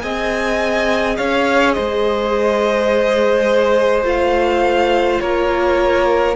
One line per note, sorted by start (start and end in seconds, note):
0.00 1.18 C4
0.00 4.03 G#4
0.00 1.18 D#5
0.00 1.15 G#5
1.17 1.77 C#4
1.17 1.75 C#5
1.17 1.73 F5
1.73 4.05 G#3
1.73 5.21 C5
1.73 4.03 D#5
4.03 5.20 A3
4.03 6.34 F4
4.03 5.20 F5
5.20 6.36 A#3
5.20 6.36 A#4
5.20 6.36 C#5